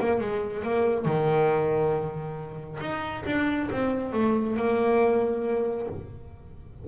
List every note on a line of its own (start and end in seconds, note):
0.00 0.21 A#3
0.21 0.63 G#3
0.63 1.06 A#3
1.06 2.80 D#3
2.81 3.24 D#4
3.26 3.70 D4
3.71 4.13 C4
4.13 4.57 A3
4.57 5.87 A#3